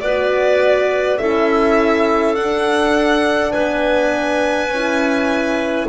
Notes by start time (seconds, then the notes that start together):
0.00 B3 F#4 B4 D5
1.18 C#4 E4 A4 E5
2.35 D4 F#5
3.51 B3 B4 G#5
4.68 C#4 E4